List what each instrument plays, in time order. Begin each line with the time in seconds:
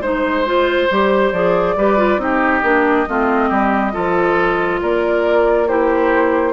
0.00 bassoon G#3, clarinet D#4, oboe C5, flute C5
0.45 clarinet F4
0.91 bassoon G3, clarinet G4
1.32 bassoon F3, clarinet G#4, flute D5
1.76 bassoon G3, clarinet G4, oboe B4
1.97 clarinet F4
2.17 bassoon C4, clarinet D#4, oboe G4, flute D#5
2.62 bassoon A#3, clarinet D4
3.07 bassoon A3, clarinet C4, oboe F4
3.48 bassoon G3, oboe G4
3.93 bassoon F3, clarinet F4, oboe A4
4.81 bassoon A#3, oboe A#4, flute D5
5.68 clarinet E4, oboe G4, flute C5